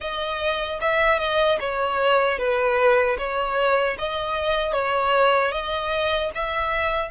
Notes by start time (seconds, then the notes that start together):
0.00 D#5
0.80 E5
1.18 D#5
1.60 C#5
2.38 B4
3.18 C#5
3.98 D#5
4.72 C#5
5.51 D#5
6.34 E5